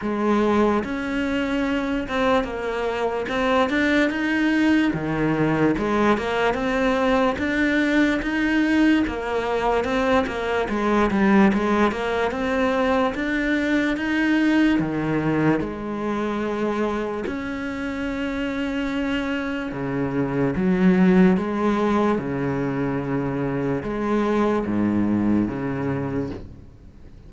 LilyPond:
\new Staff \with { instrumentName = "cello" } { \time 4/4 \tempo 4 = 73 gis4 cis'4. c'8 ais4 | c'8 d'8 dis'4 dis4 gis8 ais8 | c'4 d'4 dis'4 ais4 | c'8 ais8 gis8 g8 gis8 ais8 c'4 |
d'4 dis'4 dis4 gis4~ | gis4 cis'2. | cis4 fis4 gis4 cis4~ | cis4 gis4 gis,4 cis4 | }